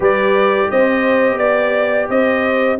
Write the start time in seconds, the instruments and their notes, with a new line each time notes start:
0.00 tuba G3, trombone G4, horn B4, trumpet D5
0.70 tuba C4, horn C5, trumpet D#5
1.38 tuba B3, trumpet D5, horn D5
2.08 tuba C4, horn C5, trumpet D#5